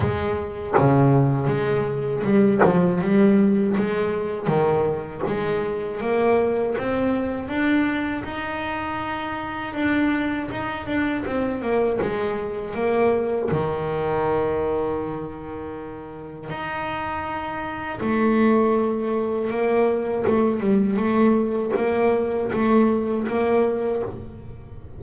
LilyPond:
\new Staff \with { instrumentName = "double bass" } { \time 4/4 \tempo 4 = 80 gis4 cis4 gis4 g8 f8 | g4 gis4 dis4 gis4 | ais4 c'4 d'4 dis'4~ | dis'4 d'4 dis'8 d'8 c'8 ais8 |
gis4 ais4 dis2~ | dis2 dis'2 | a2 ais4 a8 g8 | a4 ais4 a4 ais4 | }